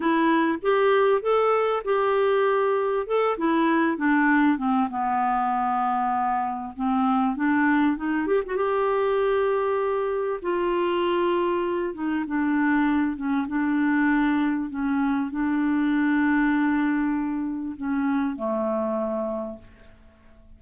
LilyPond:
\new Staff \with { instrumentName = "clarinet" } { \time 4/4 \tempo 4 = 98 e'4 g'4 a'4 g'4~ | g'4 a'8 e'4 d'4 c'8 | b2. c'4 | d'4 dis'8 g'16 fis'16 g'2~ |
g'4 f'2~ f'8 dis'8 | d'4. cis'8 d'2 | cis'4 d'2.~ | d'4 cis'4 a2 | }